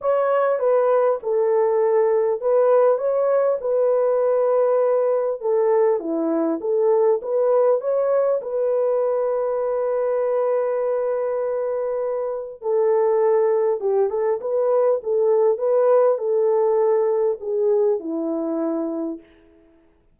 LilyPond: \new Staff \with { instrumentName = "horn" } { \time 4/4 \tempo 4 = 100 cis''4 b'4 a'2 | b'4 cis''4 b'2~ | b'4 a'4 e'4 a'4 | b'4 cis''4 b'2~ |
b'1~ | b'4 a'2 g'8 a'8 | b'4 a'4 b'4 a'4~ | a'4 gis'4 e'2 | }